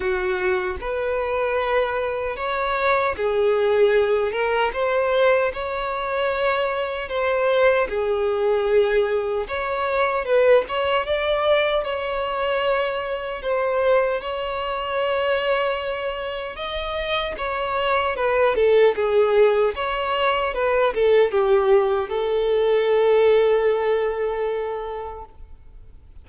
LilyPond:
\new Staff \with { instrumentName = "violin" } { \time 4/4 \tempo 4 = 76 fis'4 b'2 cis''4 | gis'4. ais'8 c''4 cis''4~ | cis''4 c''4 gis'2 | cis''4 b'8 cis''8 d''4 cis''4~ |
cis''4 c''4 cis''2~ | cis''4 dis''4 cis''4 b'8 a'8 | gis'4 cis''4 b'8 a'8 g'4 | a'1 | }